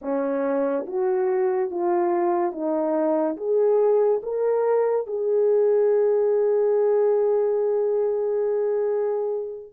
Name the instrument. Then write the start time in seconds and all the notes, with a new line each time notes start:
horn
0.01 C#4
0.86 F#4
1.70 F4
2.52 D#4
3.36 G#4
4.23 A#4
5.06 G#4